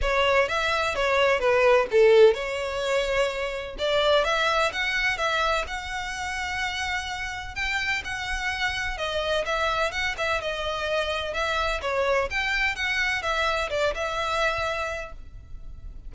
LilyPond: \new Staff \with { instrumentName = "violin" } { \time 4/4 \tempo 4 = 127 cis''4 e''4 cis''4 b'4 | a'4 cis''2. | d''4 e''4 fis''4 e''4 | fis''1 |
g''4 fis''2 dis''4 | e''4 fis''8 e''8 dis''2 | e''4 cis''4 g''4 fis''4 | e''4 d''8 e''2~ e''8 | }